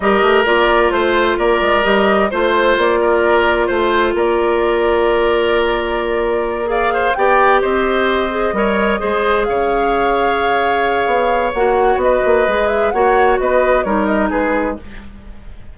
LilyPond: <<
  \new Staff \with { instrumentName = "flute" } { \time 4/4 \tempo 4 = 130 dis''4 d''4 c''4 d''4 | dis''4 c''4 d''2 | c''4 d''2.~ | d''2~ d''8 f''4 g''8~ |
g''8 dis''2.~ dis''8~ | dis''8 f''2.~ f''8~ | f''4 fis''4 dis''4. e''8 | fis''4 dis''4 cis''8 dis''8 b'4 | }
  \new Staff \with { instrumentName = "oboe" } { \time 4/4 ais'2 c''4 ais'4~ | ais'4 c''4. ais'4. | c''4 ais'2.~ | ais'2~ ais'8 d''8 c''8 d''8~ |
d''8 c''2 cis''4 c''8~ | c''8 cis''2.~ cis''8~ | cis''2 b'2 | cis''4 b'4 ais'4 gis'4 | }
  \new Staff \with { instrumentName = "clarinet" } { \time 4/4 g'4 f'2. | g'4 f'2.~ | f'1~ | f'2~ f'8 gis'4 g'8~ |
g'2 gis'8 ais'4 gis'8~ | gis'1~ | gis'4 fis'2 gis'4 | fis'2 dis'2 | }
  \new Staff \with { instrumentName = "bassoon" } { \time 4/4 g8 a8 ais4 a4 ais8 gis8 | g4 a4 ais2 | a4 ais2.~ | ais2.~ ais8 b8~ |
b8 c'2 g4 gis8~ | gis8 cis2.~ cis8 | b4 ais4 b8 ais8 gis4 | ais4 b4 g4 gis4 | }
>>